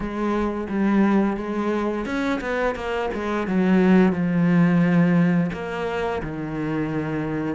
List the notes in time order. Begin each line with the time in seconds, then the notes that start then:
0.00 G#3
0.69 G3
1.36 G#3
2.05 C#4
2.40 B3
2.75 A#3
3.14 G#3
3.47 F#3
4.12 F3
5.52 A#3
6.23 D#3